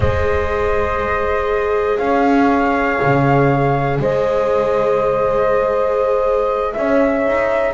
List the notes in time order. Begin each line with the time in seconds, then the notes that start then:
0.00 G#3 G#4 C5 D#5
1.97 C#4 C#5 F5
3.02 C#3
3.98 G#3 C5 D#5
6.72 C#4 C#5 E5
7.26 D#4